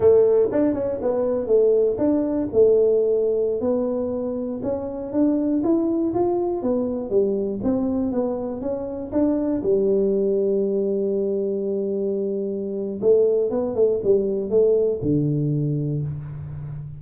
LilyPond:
\new Staff \with { instrumentName = "tuba" } { \time 4/4 \tempo 4 = 120 a4 d'8 cis'8 b4 a4 | d'4 a2~ a16 b8.~ | b4~ b16 cis'4 d'4 e'8.~ | e'16 f'4 b4 g4 c'8.~ |
c'16 b4 cis'4 d'4 g8.~ | g1~ | g2 a4 b8 a8 | g4 a4 d2 | }